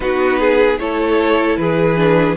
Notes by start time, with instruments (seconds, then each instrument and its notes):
0.00 cello B3, viola D#4, violin F#4 B4
0.39 violin G#4
0.77 cello A3, viola E4, violin A4 C#5
1.56 cello E3, violin G#4 B4
1.96 viola D4